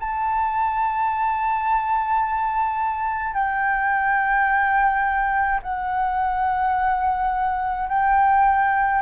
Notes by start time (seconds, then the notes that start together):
0.00 A5
3.34 G5
5.63 F#5
7.89 G5